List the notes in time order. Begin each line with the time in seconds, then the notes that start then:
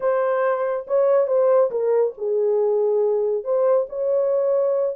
0.00 C5
0.87 C#5
1.27 C5
1.70 A#4
2.17 G#4
3.43 C5
3.89 C#5